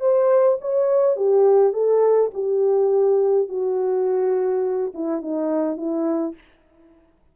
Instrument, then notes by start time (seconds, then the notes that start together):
horn
0.00 C5
0.61 C#5
1.16 G4
1.73 A4
2.33 G4
3.48 F#4
4.94 E4
5.22 D#4
5.76 E4